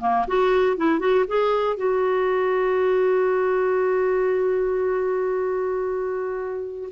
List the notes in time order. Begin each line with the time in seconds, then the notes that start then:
0.00 A#3
0.27 F#4
0.77 E4
0.99 F#4
1.28 G#4
1.76 F#4